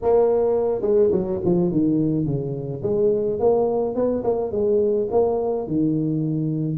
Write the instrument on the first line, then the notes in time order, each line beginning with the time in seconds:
tuba
0.02 A#3
0.81 G#3
1.11 F#3
1.44 F3
1.71 D#3
2.25 C#3
2.83 G#3
3.39 A#3
3.95 B3
4.23 A#3
4.51 G#3
5.11 A#3
5.67 D#3